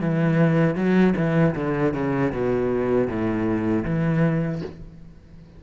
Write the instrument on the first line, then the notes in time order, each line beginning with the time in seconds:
cello
0.00 E3
0.75 F#3
1.16 E3
1.55 D3
1.93 C#3
2.32 B2
3.07 A2
3.85 E3